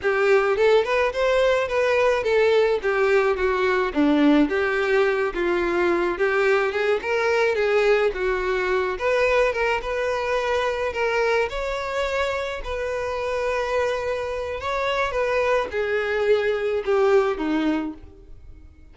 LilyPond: \new Staff \with { instrumentName = "violin" } { \time 4/4 \tempo 4 = 107 g'4 a'8 b'8 c''4 b'4 | a'4 g'4 fis'4 d'4 | g'4. f'4. g'4 | gis'8 ais'4 gis'4 fis'4. |
b'4 ais'8 b'2 ais'8~ | ais'8 cis''2 b'4.~ | b'2 cis''4 b'4 | gis'2 g'4 dis'4 | }